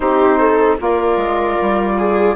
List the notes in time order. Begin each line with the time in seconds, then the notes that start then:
0.00 C4 D#4 G4 C5
0.38 A4
0.78 A#3 F4 A#4 D5
1.16 G#3
1.61 G3
1.98 G#4